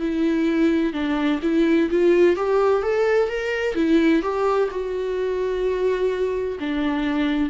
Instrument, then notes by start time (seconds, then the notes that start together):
viola
0.00 E4
0.93 D4
1.42 E4
1.90 F4
2.37 G4
2.83 A4
3.29 A#4
3.75 E4
4.22 G4
4.71 F#4
6.60 D4